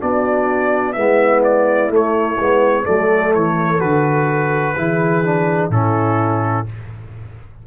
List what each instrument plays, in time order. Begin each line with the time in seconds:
0.00 tuba B3, trombone D4, horn F#4, trumpet D5
0.93 tuba G#3, trombone B3, horn E4, trumpet E5
1.44 trumpet D5
1.90 trombone A3, tuba A3, trumpet C#5
2.37 tuba G#3, trombone B3
2.85 tuba F#3, trombone A3, horn A4, trumpet D5
3.35 tuba E3, trumpet C#5
3.80 tuba D3, trombone F#4, trumpet B4
4.77 tuba E3, trombone E4, horn G#4
5.25 trombone D4
5.70 tuba A2, trombone C#4, horn E4, trumpet A4